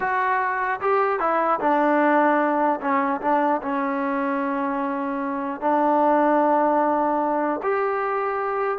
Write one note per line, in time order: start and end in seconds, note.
0.00 0.80 F#4
0.80 1.19 G4
1.19 1.59 E4
1.60 2.80 D4
2.81 3.21 C#4
3.21 3.61 D4
3.61 5.61 C#4
5.61 7.61 D4
7.63 8.78 G4